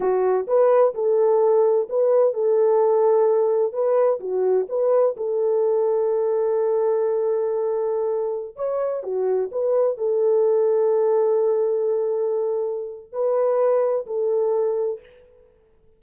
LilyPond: \new Staff \with { instrumentName = "horn" } { \time 4/4 \tempo 4 = 128 fis'4 b'4 a'2 | b'4 a'2. | b'4 fis'4 b'4 a'4~ | a'1~ |
a'2~ a'16 cis''4 fis'8.~ | fis'16 b'4 a'2~ a'8.~ | a'1 | b'2 a'2 | }